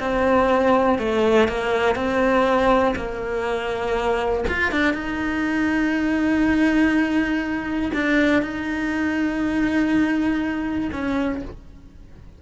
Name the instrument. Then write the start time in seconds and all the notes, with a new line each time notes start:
cello
0.00 C4
0.99 A3
1.49 A#3
1.96 C4
2.96 A#3
4.49 F4
4.71 D4
4.94 D#4
7.93 D4
8.43 D#4
10.92 C#4